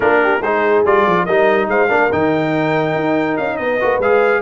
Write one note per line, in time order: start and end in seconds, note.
0.00 0.41 A#3
0.00 0.40 D4
0.00 0.21 F4
0.00 0.42 A#4
0.23 0.40 G4
0.40 0.83 G#3
0.40 0.85 D#4
0.40 1.24 G#4
0.40 0.84 C5
0.84 1.06 G3
0.84 1.28 F4
0.84 1.25 D5
1.06 1.27 F3
1.25 1.67 G3
1.25 1.88 D#4
1.25 1.68 A#4
1.25 1.68 D#5
1.67 1.88 G#3
1.67 1.88 C5
1.67 2.11 F5
1.88 2.11 A#3
1.88 2.09 D4
1.88 3.57 A#4
2.11 2.94 D#3
2.11 3.80 D#4
2.11 3.37 G5
2.94 3.37 D#4
3.37 3.59 C#4
3.37 3.56 F5
3.56 3.80 B3
3.56 4.41 B4
3.56 3.99 D#5
3.80 3.98 A#3
3.80 4.01 F#4
3.98 4.41 G#3
3.98 4.41 G#4
3.98 4.41 F5